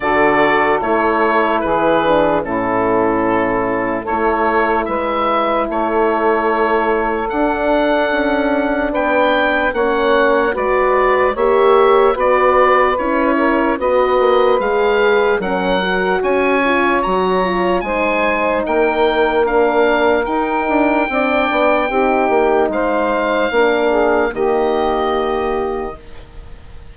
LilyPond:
<<
  \new Staff \with { instrumentName = "oboe" } { \time 4/4 \tempo 4 = 74 d''4 cis''4 b'4 a'4~ | a'4 cis''4 e''4 cis''4~ | cis''4 fis''2 g''4 | fis''4 d''4 e''4 d''4 |
cis''4 dis''4 f''4 fis''4 | gis''4 ais''4 gis''4 g''4 | f''4 g''2. | f''2 dis''2 | }
  \new Staff \with { instrumentName = "saxophone" } { \time 4/4 a'2 gis'4 e'4~ | e'4 a'4 b'4 a'4~ | a'2. b'4 | cis''4 b'4 cis''4 b'4~ |
b'8 ais'8 b'2 ais'4 | cis''2 c''4 ais'4~ | ais'2 d''4 g'4 | c''4 ais'8 gis'8 g'2 | }
  \new Staff \with { instrumentName = "horn" } { \time 4/4 fis'4 e'4. d'8 cis'4~ | cis'4 e'2.~ | e'4 d'2. | cis'4 fis'4 g'4 fis'4 |
e'4 fis'4 gis'4 cis'8 fis'8~ | fis'8 f'8 fis'8 f'8 dis'2 | d'4 dis'4 d'4 dis'4~ | dis'4 d'4 ais2 | }
  \new Staff \with { instrumentName = "bassoon" } { \time 4/4 d4 a4 e4 a,4~ | a,4 a4 gis4 a4~ | a4 d'4 cis'4 b4 | ais4 gis4 ais4 b4 |
cis'4 b8 ais8 gis4 fis4 | cis'4 fis4 gis4 ais4~ | ais4 dis'8 d'8 c'8 b8 c'8 ais8 | gis4 ais4 dis2 | }
>>